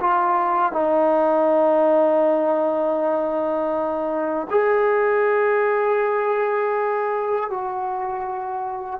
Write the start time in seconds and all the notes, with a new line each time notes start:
0.00 F4
0.72 D#4
4.50 G#4
7.50 F#4